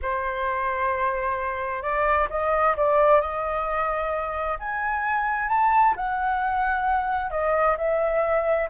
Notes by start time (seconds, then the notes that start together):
0.02 C5
1.82 D5
2.30 D#5
2.76 D5
3.20 D#5
4.59 G#5
5.48 A5
5.96 F#5
7.30 D#5
7.77 E5